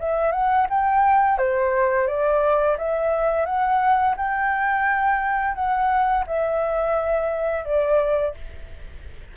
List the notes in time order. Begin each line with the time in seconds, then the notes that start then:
0.00 E5
0.32 F#5
0.70 G5
1.38 C5
2.07 D5
2.78 E5
3.46 F#5
4.17 G5
5.55 F#5
6.27 E5
7.65 D5